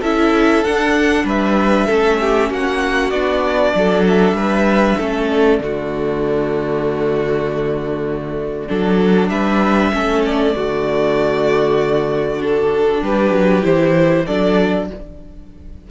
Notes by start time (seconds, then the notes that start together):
0.00 C#4 E4 A4 E5
0.64 D4 F#5
1.24 G3 B4 E5
1.86 A3 C#4 A4
2.20 G4
2.50 A#3 F#4 F#5
3.10 B3 D4 D5
3.74 F#3 A4
4.07 E5
4.32 G3 B4
4.98 A3 C#4 A4
5.28 D5
5.59 D3 A3 F#4
8.68 F#3 D4 A4
9.29 G3 B4 E5
9.92 A3 C#4 A4
10.26 D5
10.53 D3 A3 F#4
12.41 D4 A4
13.01 G3 G4 B4
13.31 F#3
13.62 E3 E4 C5
14.25 F#3 D4 A4 D5